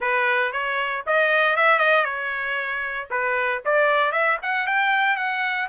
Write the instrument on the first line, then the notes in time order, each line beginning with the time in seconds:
trumpet
0.00 B4
0.52 C#5
1.06 D#5
1.56 E5
1.78 D#5
2.04 C#5
3.10 B4
3.65 D5
4.11 E5
4.42 F#5
4.66 G5
5.16 F#5